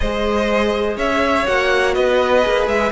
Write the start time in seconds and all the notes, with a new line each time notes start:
0.00 G#3 G#4 C5 D#5
0.97 C#4 C#5 E5
1.46 A#3 F#4 F#5
1.93 B3 B4 D#5
2.42 A#3 G#4
2.66 G#3 E5